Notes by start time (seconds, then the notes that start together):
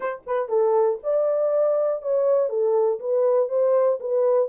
0.00 C5
0.26 B4
0.48 A4
1.03 D5
2.02 C#5
2.49 A4
2.99 B4
3.48 C5
4.00 B4